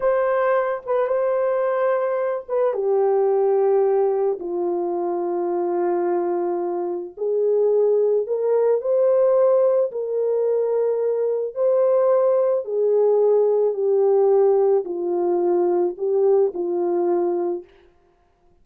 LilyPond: \new Staff \with { instrumentName = "horn" } { \time 4/4 \tempo 4 = 109 c''4. b'8 c''2~ | c''8 b'8 g'2. | f'1~ | f'4 gis'2 ais'4 |
c''2 ais'2~ | ais'4 c''2 gis'4~ | gis'4 g'2 f'4~ | f'4 g'4 f'2 | }